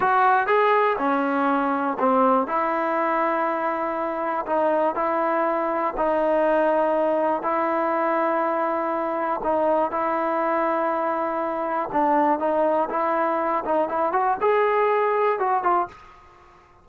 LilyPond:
\new Staff \with { instrumentName = "trombone" } { \time 4/4 \tempo 4 = 121 fis'4 gis'4 cis'2 | c'4 e'2.~ | e'4 dis'4 e'2 | dis'2. e'4~ |
e'2. dis'4 | e'1 | d'4 dis'4 e'4. dis'8 | e'8 fis'8 gis'2 fis'8 f'8 | }